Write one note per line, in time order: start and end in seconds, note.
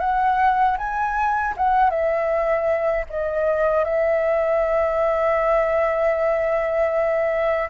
0.00 0.77 F#5
0.78 1.55 G#5
1.57 1.90 F#5
1.90 3.05 E5
3.09 3.84 D#5
3.84 7.69 E5